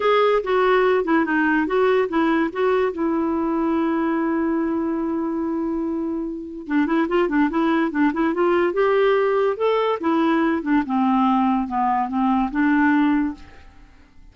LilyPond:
\new Staff \with { instrumentName = "clarinet" } { \time 4/4 \tempo 4 = 144 gis'4 fis'4. e'8 dis'4 | fis'4 e'4 fis'4 e'4~ | e'1~ | e'1 |
d'8 e'8 f'8 d'8 e'4 d'8 e'8 | f'4 g'2 a'4 | e'4. d'8 c'2 | b4 c'4 d'2 | }